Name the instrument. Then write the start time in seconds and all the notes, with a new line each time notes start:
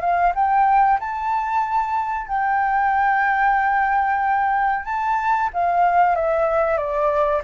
flute
0.00 F5
0.35 G5
1.00 A5
2.27 G5
4.85 A5
5.53 F5
6.15 E5
6.77 D5